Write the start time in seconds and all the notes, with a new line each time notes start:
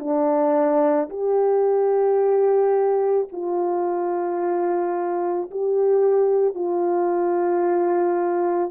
0.00 D4
1.10 G4
3.32 F4
5.51 G4
6.56 F4